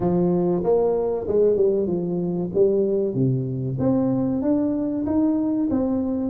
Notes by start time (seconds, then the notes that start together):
0.00 F3
0.63 A#3
1.27 G#3
1.56 G3
1.87 F3
2.54 G3
3.14 C3
3.79 C4
4.42 D4
5.06 D#4
5.70 C4